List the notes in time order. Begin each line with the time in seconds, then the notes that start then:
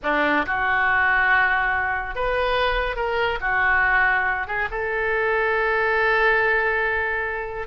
0.03 D4
0.46 F#4
2.15 B4
2.96 A#4
3.40 F#4
4.47 G#4
4.71 A4